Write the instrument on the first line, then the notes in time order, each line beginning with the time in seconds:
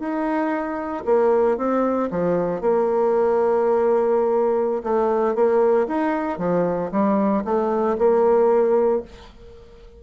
bassoon
0.00 D#4
1.06 A#3
1.58 C4
2.11 F3
2.61 A#3
4.84 A3
5.35 A#3
5.88 D#4
6.39 F3
6.92 G3
7.45 A3
7.98 A#3